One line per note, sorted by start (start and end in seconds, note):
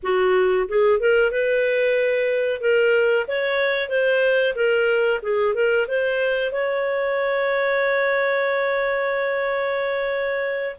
0.03 0.68 F#4
0.68 0.99 G#4
0.99 1.31 A#4
1.31 2.60 B4
2.60 3.25 A#4
3.27 3.89 C#5
3.89 4.54 C5
4.55 5.20 A#4
5.22 5.54 G#4
5.54 5.86 A#4
5.87 6.52 C5
6.52 10.75 C#5